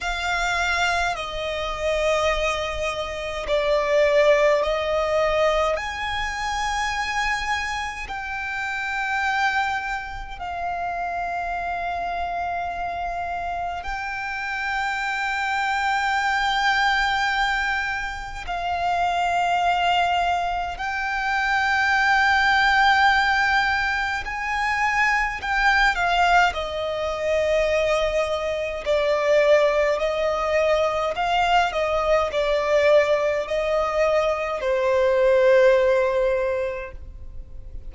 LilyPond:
\new Staff \with { instrumentName = "violin" } { \time 4/4 \tempo 4 = 52 f''4 dis''2 d''4 | dis''4 gis''2 g''4~ | g''4 f''2. | g''1 |
f''2 g''2~ | g''4 gis''4 g''8 f''8 dis''4~ | dis''4 d''4 dis''4 f''8 dis''8 | d''4 dis''4 c''2 | }